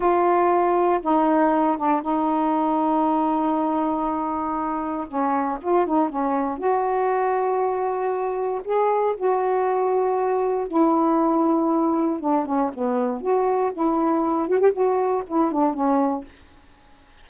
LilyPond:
\new Staff \with { instrumentName = "saxophone" } { \time 4/4 \tempo 4 = 118 f'2 dis'4. d'8 | dis'1~ | dis'2 cis'4 f'8 dis'8 | cis'4 fis'2.~ |
fis'4 gis'4 fis'2~ | fis'4 e'2. | d'8 cis'8 b4 fis'4 e'4~ | e'8 fis'16 g'16 fis'4 e'8 d'8 cis'4 | }